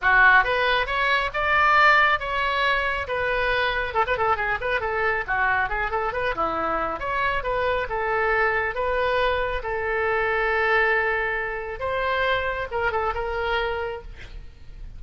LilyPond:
\new Staff \with { instrumentName = "oboe" } { \time 4/4 \tempo 4 = 137 fis'4 b'4 cis''4 d''4~ | d''4 cis''2 b'4~ | b'4 a'16 b'16 a'8 gis'8 b'8 a'4 | fis'4 gis'8 a'8 b'8 e'4. |
cis''4 b'4 a'2 | b'2 a'2~ | a'2. c''4~ | c''4 ais'8 a'8 ais'2 | }